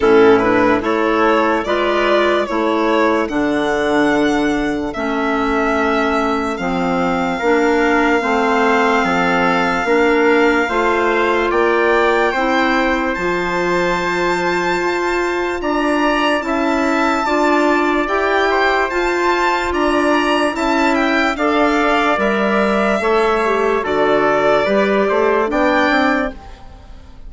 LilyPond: <<
  \new Staff \with { instrumentName = "violin" } { \time 4/4 \tempo 4 = 73 a'8 b'8 cis''4 d''4 cis''4 | fis''2 e''2 | f''1~ | f''2 g''2 |
a''2. ais''4 | a''2 g''4 a''4 | ais''4 a''8 g''8 f''4 e''4~ | e''4 d''2 g''4 | }
  \new Staff \with { instrumentName = "trumpet" } { \time 4/4 e'4 a'4 b'4 a'4~ | a'1~ | a'4 ais'4 c''4 a'4 | ais'4 c''4 d''4 c''4~ |
c''2. d''4 | e''4 d''4. c''4. | d''4 e''4 d''2 | cis''4 a'4 b'8 c''8 d''4 | }
  \new Staff \with { instrumentName = "clarinet" } { \time 4/4 cis'8 d'8 e'4 f'4 e'4 | d'2 cis'2 | c'4 d'4 c'2 | d'4 f'2 e'4 |
f'1 | e'4 f'4 g'4 f'4~ | f'4 e'4 a'4 ais'4 | a'8 g'8 fis'4 g'4 d'4 | }
  \new Staff \with { instrumentName = "bassoon" } { \time 4/4 a,4 a4 gis4 a4 | d2 a2 | f4 ais4 a4 f4 | ais4 a4 ais4 c'4 |
f2 f'4 d'4 | cis'4 d'4 e'4 f'4 | d'4 cis'4 d'4 g4 | a4 d4 g8 a8 b8 c'8 | }
>>